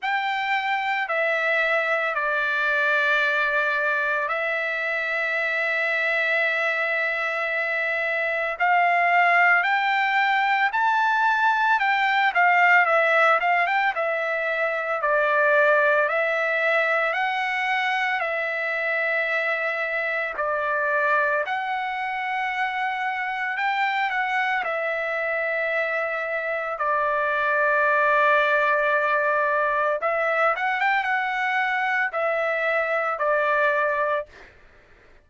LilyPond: \new Staff \with { instrumentName = "trumpet" } { \time 4/4 \tempo 4 = 56 g''4 e''4 d''2 | e''1 | f''4 g''4 a''4 g''8 f''8 | e''8 f''16 g''16 e''4 d''4 e''4 |
fis''4 e''2 d''4 | fis''2 g''8 fis''8 e''4~ | e''4 d''2. | e''8 fis''16 g''16 fis''4 e''4 d''4 | }